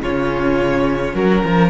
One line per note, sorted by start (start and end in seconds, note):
0.00 1.14 C#3
0.00 1.70 C#4
0.00 1.16 F4
0.00 1.15 C#5
1.14 1.42 F#3
1.14 1.44 F#4
1.14 1.70 A#4
1.44 1.70 F3
1.44 1.70 A#4